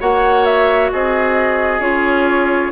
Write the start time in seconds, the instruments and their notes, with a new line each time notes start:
0.00 bassoon A#3, clarinet F#4, oboe C#5, flute F#5
0.45 flute E5
0.93 bassoon C4, oboe G#4, flute D#5
1.80 bassoon C#4, clarinet F4, flute C#5